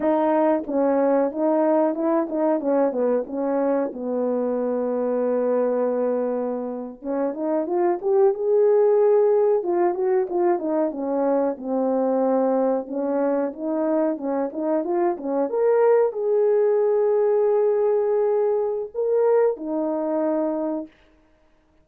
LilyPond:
\new Staff \with { instrumentName = "horn" } { \time 4/4 \tempo 4 = 92 dis'4 cis'4 dis'4 e'8 dis'8 | cis'8 b8 cis'4 b2~ | b2~ b8. cis'8 dis'8 f'16~ | f'16 g'8 gis'2 f'8 fis'8 f'16~ |
f'16 dis'8 cis'4 c'2 cis'16~ | cis'8. dis'4 cis'8 dis'8 f'8 cis'8 ais'16~ | ais'8. gis'2.~ gis'16~ | gis'4 ais'4 dis'2 | }